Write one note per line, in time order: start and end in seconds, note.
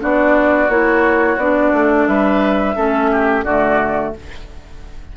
0.00 0.69 B3
0.00 0.69 D4
0.00 2.09 F#4
0.00 0.71 D5
0.69 1.37 A#3
0.69 1.39 E4
0.69 1.40 C#5
1.37 1.72 B3
1.37 2.76 D4
1.37 2.07 D5
1.73 2.08 A3
2.07 2.77 G3
2.07 2.76 B4
2.07 3.44 E5
2.76 3.44 A3
2.76 3.45 C#4
2.76 3.10 A4
3.11 3.45 G4
3.44 4.13 D3
3.44 4.17 A3
3.44 4.14 F#4
3.44 4.13 D5